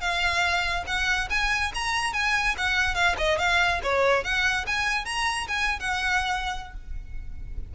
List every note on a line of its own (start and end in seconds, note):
0.00 0.84 F5
0.87 1.29 F#5
1.30 1.72 G#5
1.74 2.13 A#5
2.13 2.55 G#5
2.57 2.94 F#5
2.94 3.15 F5
3.17 3.38 D#5
3.38 3.80 F5
3.83 4.24 C#5
4.24 4.66 F#5
4.66 5.05 G#5
5.05 5.47 A#5
5.48 5.79 G#5
5.79 6.74 F#5